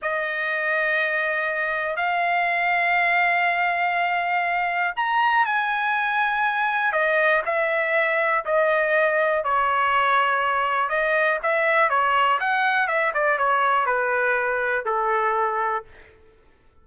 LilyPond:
\new Staff \with { instrumentName = "trumpet" } { \time 4/4 \tempo 4 = 121 dis''1 | f''1~ | f''2 ais''4 gis''4~ | gis''2 dis''4 e''4~ |
e''4 dis''2 cis''4~ | cis''2 dis''4 e''4 | cis''4 fis''4 e''8 d''8 cis''4 | b'2 a'2 | }